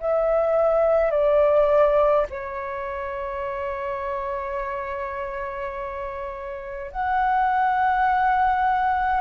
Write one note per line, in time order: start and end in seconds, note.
0.00 1.11 E5
1.11 2.26 D5
2.30 6.92 C#5
6.92 9.21 F#5